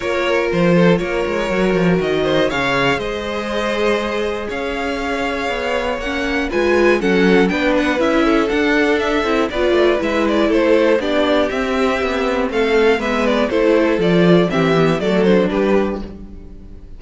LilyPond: <<
  \new Staff \with { instrumentName = "violin" } { \time 4/4 \tempo 4 = 120 cis''4 c''4 cis''2 | dis''4 f''4 dis''2~ | dis''4 f''2. | fis''4 gis''4 fis''4 g''8 fis''8 |
e''4 fis''4 e''4 d''4 | e''8 d''8 c''4 d''4 e''4~ | e''4 f''4 e''8 d''8 c''4 | d''4 e''4 d''8 c''8 b'4 | }
  \new Staff \with { instrumentName = "violin" } { \time 4/4 ais'4. a'8 ais'2~ | ais'8 c''8 cis''4 c''2~ | c''4 cis''2.~ | cis''4 b'4 a'4 b'4~ |
b'8 a'2~ a'8 b'4~ | b'4 a'4 g'2~ | g'4 a'4 b'4 a'4~ | a'4 g'4 a'4 g'4 | }
  \new Staff \with { instrumentName = "viola" } { \time 4/4 f'2. fis'4~ | fis'4 gis'2.~ | gis'1 | cis'4 f'4 cis'4 d'4 |
e'4 d'4. e'8 f'4 | e'2 d'4 c'4~ | c'2 b4 e'4 | f'4 c'8 b8 a8 d'4. | }
  \new Staff \with { instrumentName = "cello" } { \time 4/4 ais4 f4 ais8 gis8 fis8 f8 | dis4 cis4 gis2~ | gis4 cis'2 b4 | ais4 gis4 fis4 b4 |
cis'4 d'4. c'8 b8 a8 | gis4 a4 b4 c'4 | b4 a4 gis4 a4 | f4 e4 fis4 g4 | }
>>